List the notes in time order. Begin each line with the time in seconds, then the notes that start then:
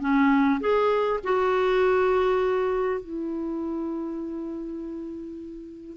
0.00 C#4
0.60 G#4
1.23 F#4
3.00 E4